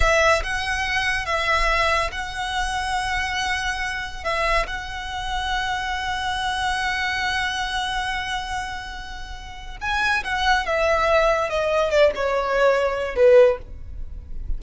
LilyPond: \new Staff \with { instrumentName = "violin" } { \time 4/4 \tempo 4 = 141 e''4 fis''2 e''4~ | e''4 fis''2.~ | fis''2 e''4 fis''4~ | fis''1~ |
fis''1~ | fis''2. gis''4 | fis''4 e''2 dis''4 | d''8 cis''2~ cis''8 b'4 | }